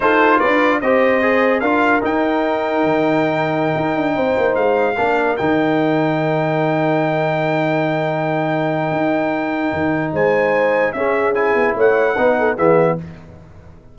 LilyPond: <<
  \new Staff \with { instrumentName = "trumpet" } { \time 4/4 \tempo 4 = 148 c''4 d''4 dis''2 | f''4 g''2.~ | g''2.~ g''16 f''8.~ | f''4~ f''16 g''2~ g''8.~ |
g''1~ | g''1~ | g''4 gis''2 e''4 | gis''4 fis''2 e''4 | }
  \new Staff \with { instrumentName = "horn" } { \time 4/4 a'4 b'4 c''2 | ais'1~ | ais'2~ ais'16 c''4.~ c''16~ | c''16 ais'2.~ ais'8.~ |
ais'1~ | ais'1~ | ais'4 c''2 gis'4~ | gis'4 cis''4 b'8 a'8 gis'4 | }
  \new Staff \with { instrumentName = "trombone" } { \time 4/4 f'2 g'4 gis'4 | f'4 dis'2.~ | dis'1~ | dis'16 d'4 dis'2~ dis'8.~ |
dis'1~ | dis'1~ | dis'2. cis'4 | e'2 dis'4 b4 | }
  \new Staff \with { instrumentName = "tuba" } { \time 4/4 dis'4 d'4 c'2 | d'4 dis'2 dis4~ | dis4~ dis16 dis'8 d'8 c'8 ais8 gis8.~ | gis16 ais4 dis2~ dis8.~ |
dis1~ | dis2 dis'2 | dis4 gis2 cis'4~ | cis'8 b8 a4 b4 e4 | }
>>